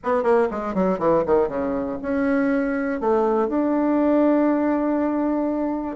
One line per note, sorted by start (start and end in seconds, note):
0.03 0.23 B3
0.23 0.48 A#3
0.50 0.74 G#3
0.74 0.98 F#3
0.98 1.23 E3
1.25 1.48 D#3
1.48 1.97 C#3
2.02 3.00 C#4
3.00 3.48 A3
3.48 5.96 D4